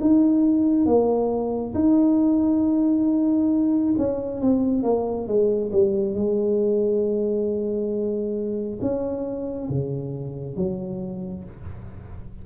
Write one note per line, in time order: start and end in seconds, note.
0.00 0.85 D#4
0.85 1.74 A#3
1.74 3.95 D#4
3.97 4.41 C#4
4.41 4.83 C4
4.83 5.27 A#3
5.27 5.71 G#3
5.72 6.14 G3
6.14 8.79 G#3
8.81 9.69 C#4
9.69 10.56 C#3
10.56 11.44 F#3